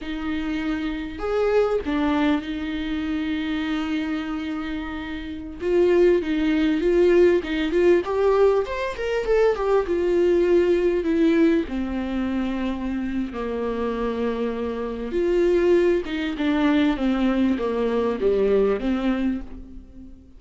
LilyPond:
\new Staff \with { instrumentName = "viola" } { \time 4/4 \tempo 4 = 99 dis'2 gis'4 d'4 | dis'1~ | dis'4~ dis'16 f'4 dis'4 f'8.~ | f'16 dis'8 f'8 g'4 c''8 ais'8 a'8 g'16~ |
g'16 f'2 e'4 c'8.~ | c'2 ais2~ | ais4 f'4. dis'8 d'4 | c'4 ais4 g4 c'4 | }